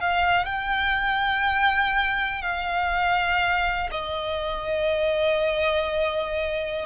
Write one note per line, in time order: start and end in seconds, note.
0.00 0.45 F5
0.45 2.41 G5
2.41 3.89 F5
3.91 6.85 D#5